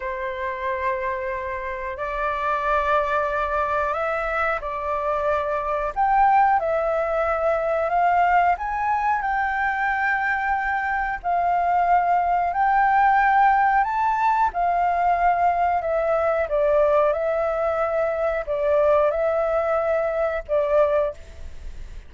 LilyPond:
\new Staff \with { instrumentName = "flute" } { \time 4/4 \tempo 4 = 91 c''2. d''4~ | d''2 e''4 d''4~ | d''4 g''4 e''2 | f''4 gis''4 g''2~ |
g''4 f''2 g''4~ | g''4 a''4 f''2 | e''4 d''4 e''2 | d''4 e''2 d''4 | }